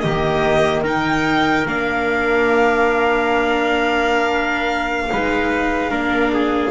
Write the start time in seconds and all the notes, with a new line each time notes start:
0.00 D#3 G4 D#5
0.07 A#3
0.82 D#4 A#4 G5
1.66 A#3 D4 F5
5.12 G#3 D#4 B4
5.90 A#3 D4 A#4
6.33 G#4